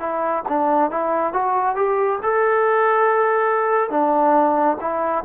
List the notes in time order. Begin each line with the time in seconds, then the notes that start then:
0.00 E4
0.49 D4
0.91 E4
1.33 F#4
1.75 G4
2.23 A4
3.90 D4
4.81 E4